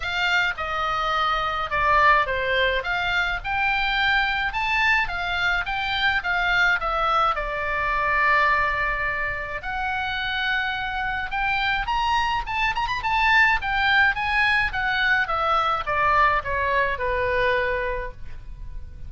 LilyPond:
\new Staff \with { instrumentName = "oboe" } { \time 4/4 \tempo 4 = 106 f''4 dis''2 d''4 | c''4 f''4 g''2 | a''4 f''4 g''4 f''4 | e''4 d''2.~ |
d''4 fis''2. | g''4 ais''4 a''8 ais''16 b''16 a''4 | g''4 gis''4 fis''4 e''4 | d''4 cis''4 b'2 | }